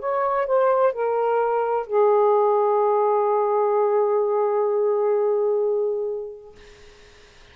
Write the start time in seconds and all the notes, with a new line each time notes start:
0.00 C#5
0.47 C5
0.93 A#4
1.87 G#4